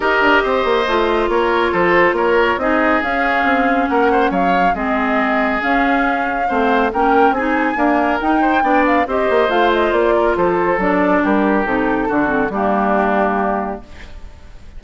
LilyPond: <<
  \new Staff \with { instrumentName = "flute" } { \time 4/4 \tempo 4 = 139 dis''2. cis''4 | c''4 cis''4 dis''4 f''4~ | f''4 fis''4 f''4 dis''4~ | dis''4 f''2. |
g''4 gis''2 g''4~ | g''8 f''8 dis''4 f''8 dis''8 d''4 | c''4 d''4 ais'4 a'4~ | a'4 g'2. | }
  \new Staff \with { instrumentName = "oboe" } { \time 4/4 ais'4 c''2 ais'4 | a'4 ais'4 gis'2~ | gis'4 ais'8 c''8 cis''4 gis'4~ | gis'2. c''4 |
ais'4 gis'4 ais'4. c''8 | d''4 c''2~ c''8 ais'8 | a'2 g'2 | fis'4 d'2. | }
  \new Staff \with { instrumentName = "clarinet" } { \time 4/4 g'2 f'2~ | f'2 dis'4 cis'4~ | cis'2. c'4~ | c'4 cis'2 c'4 |
cis'4 dis'4 ais4 dis'4 | d'4 g'4 f'2~ | f'4 d'2 dis'4 | d'8 c'8 ais2. | }
  \new Staff \with { instrumentName = "bassoon" } { \time 4/4 dis'8 d'8 c'8 ais8 a4 ais4 | f4 ais4 c'4 cis'4 | c'4 ais4 fis4 gis4~ | gis4 cis'2 a4 |
ais4 c'4 d'4 dis'4 | b4 c'8 ais8 a4 ais4 | f4 fis4 g4 c4 | d4 g2. | }
>>